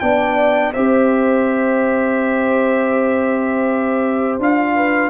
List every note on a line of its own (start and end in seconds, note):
0.00 0.75 B3
0.00 0.75 D4
0.00 0.73 D5
0.00 0.73 G5
0.73 4.39 C4
0.73 4.41 G4
0.73 4.75 C5
0.73 4.39 E5
4.39 5.10 D4
4.39 5.10 F4
4.39 5.10 F5
4.75 5.10 B4